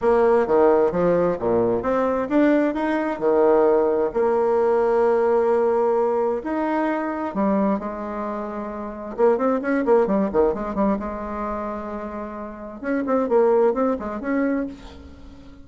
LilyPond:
\new Staff \with { instrumentName = "bassoon" } { \time 4/4 \tempo 4 = 131 ais4 dis4 f4 ais,4 | c'4 d'4 dis'4 dis4~ | dis4 ais2.~ | ais2 dis'2 |
g4 gis2. | ais8 c'8 cis'8 ais8 g8 dis8 gis8 g8 | gis1 | cis'8 c'8 ais4 c'8 gis8 cis'4 | }